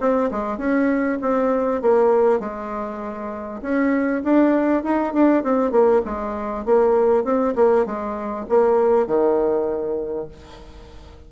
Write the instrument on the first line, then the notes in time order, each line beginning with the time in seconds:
bassoon
0.00 C4
0.31 G#3
0.58 C#4
1.21 C4
1.82 A#3
2.39 G#3
3.62 C#4
4.24 D4
4.83 D#4
5.13 D4
5.43 C4
5.71 A#3
6.05 G#3
6.65 A#3
7.24 C4
7.55 A#3
7.85 G#3
8.49 A#3
9.07 D#3